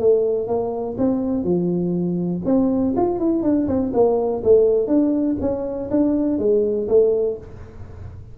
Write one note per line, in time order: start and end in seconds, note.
0.00 0.48 A3
0.48 0.97 A#3
0.98 1.44 C4
1.44 2.43 F3
2.46 2.95 C4
2.97 3.20 F4
3.20 3.43 E4
3.43 3.68 D4
3.68 3.93 C4
3.94 4.43 A#3
4.44 4.88 A3
4.88 5.37 D4
5.41 5.90 C#4
5.91 6.39 D4
6.39 6.88 G#3
6.89 7.38 A3